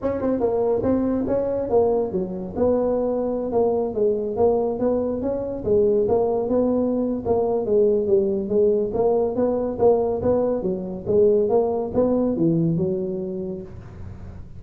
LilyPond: \new Staff \with { instrumentName = "tuba" } { \time 4/4 \tempo 4 = 141 cis'8 c'8 ais4 c'4 cis'4 | ais4 fis4 b2~ | b16 ais4 gis4 ais4 b8.~ | b16 cis'4 gis4 ais4 b8.~ |
b4 ais4 gis4 g4 | gis4 ais4 b4 ais4 | b4 fis4 gis4 ais4 | b4 e4 fis2 | }